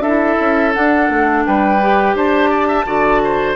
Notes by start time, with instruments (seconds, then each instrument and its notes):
0.00 bassoon D4, oboe A4, flute E5
0.06 clarinet E4
0.40 bassoon C#4
0.74 clarinet D4, bassoon D4, flute F#5
1.09 bassoon A3
1.46 bassoon G3, oboe B4, flute G5
1.81 clarinet G4
2.14 bassoon D4, oboe C5, flute A5
2.50 oboe D5
2.68 oboe E5
2.85 bassoon D3, clarinet F#4, oboe D5
3.24 oboe C5